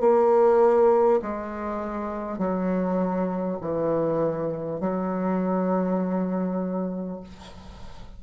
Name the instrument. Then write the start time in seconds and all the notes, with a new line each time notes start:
bassoon
0.00 A#3
1.22 G#3
2.38 F#3
3.61 E3
4.80 F#3